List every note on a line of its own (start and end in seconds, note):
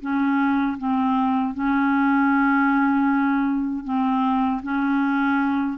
0.00 0.77 C#4
0.77 1.53 C4
1.53 3.84 C#4
3.84 4.61 C4
4.62 5.78 C#4